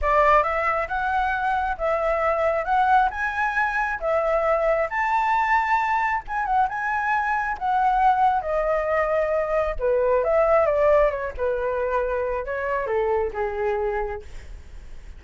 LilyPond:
\new Staff \with { instrumentName = "flute" } { \time 4/4 \tempo 4 = 135 d''4 e''4 fis''2 | e''2 fis''4 gis''4~ | gis''4 e''2 a''4~ | a''2 gis''8 fis''8 gis''4~ |
gis''4 fis''2 dis''4~ | dis''2 b'4 e''4 | d''4 cis''8 b'2~ b'8 | cis''4 a'4 gis'2 | }